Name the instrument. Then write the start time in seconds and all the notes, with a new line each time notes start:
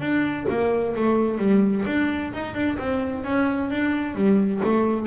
double bass
0.00 D4
0.49 A#3
0.96 A3
1.38 G3
1.86 D4
2.33 D#4
2.54 D4
2.79 C4
3.24 C#4
3.70 D4
4.15 G3
4.64 A3